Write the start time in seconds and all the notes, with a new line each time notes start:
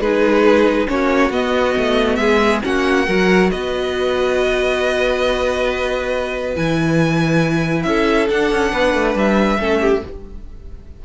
0.00 G#3 D#4 G#4 B4
0.87 A#3 C#4 F#4 C#5
1.30 B3 D#5
1.78 A3
2.16 G#3 G#4 E5
2.63 A#3 C#4 F#4 F#5
3.07 F#3 F#4 A#4
3.51 B3 B4 D#5
6.55 E3 E4 G#5
7.83 C#4 A4 E5
8.28 D4 F#5
8.51 C#4
8.72 B3 B4
8.94 A3
9.15 G3 E5
9.59 A3 C#4 A4
9.81 G4